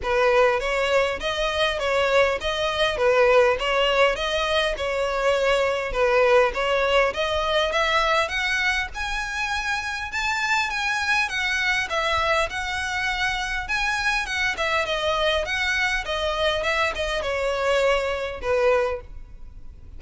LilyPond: \new Staff \with { instrumentName = "violin" } { \time 4/4 \tempo 4 = 101 b'4 cis''4 dis''4 cis''4 | dis''4 b'4 cis''4 dis''4 | cis''2 b'4 cis''4 | dis''4 e''4 fis''4 gis''4~ |
gis''4 a''4 gis''4 fis''4 | e''4 fis''2 gis''4 | fis''8 e''8 dis''4 fis''4 dis''4 | e''8 dis''8 cis''2 b'4 | }